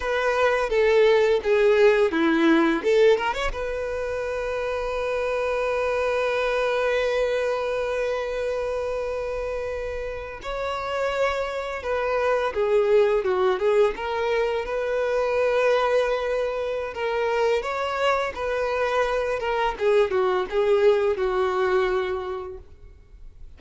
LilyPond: \new Staff \with { instrumentName = "violin" } { \time 4/4 \tempo 4 = 85 b'4 a'4 gis'4 e'4 | a'8 ais'16 cis''16 b'2.~ | b'1~ | b'2~ b'8. cis''4~ cis''16~ |
cis''8. b'4 gis'4 fis'8 gis'8 ais'16~ | ais'8. b'2.~ b'16 | ais'4 cis''4 b'4. ais'8 | gis'8 fis'8 gis'4 fis'2 | }